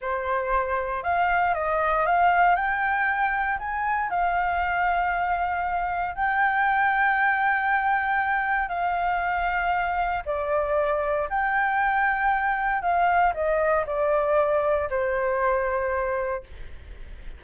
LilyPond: \new Staff \with { instrumentName = "flute" } { \time 4/4 \tempo 4 = 117 c''2 f''4 dis''4 | f''4 g''2 gis''4 | f''1 | g''1~ |
g''4 f''2. | d''2 g''2~ | g''4 f''4 dis''4 d''4~ | d''4 c''2. | }